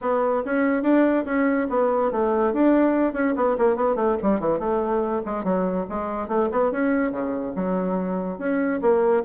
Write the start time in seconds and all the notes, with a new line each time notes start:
0.01 B3
0.45 C#4
0.83 D4
1.25 C#4
1.69 B3
2.11 A3
2.53 D4
3.13 C#4
3.36 B3
3.58 A#3
3.76 B3
3.95 A3
4.22 G3
4.40 E3
4.59 A3
5.25 G#3
5.44 F#3
5.89 G#3
6.28 A3
6.51 B3
6.71 C#4
7.11 C#3
7.55 F#3
8.38 C#4
8.81 A#3